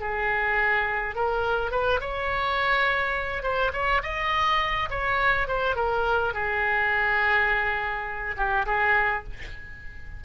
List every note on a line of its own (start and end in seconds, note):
0.00 1.15 G#4
1.16 1.71 A#4
1.71 2.00 B4
2.01 3.43 C#5
3.43 3.72 C5
3.73 4.02 C#5
4.03 4.90 D#5
4.90 5.48 C#5
5.48 5.76 C5
5.76 6.34 A#4
6.34 8.36 G#4
8.37 8.66 G4
8.66 9.24 G#4